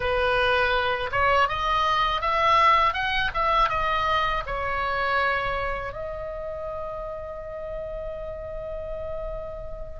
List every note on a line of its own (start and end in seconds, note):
0.00 1.10 B4
1.11 1.48 C#5
1.48 2.21 D#5
2.21 2.93 E5
2.93 3.30 F#5
3.34 3.69 E5
3.69 4.43 D#5
4.46 5.93 C#5
5.93 10.00 D#5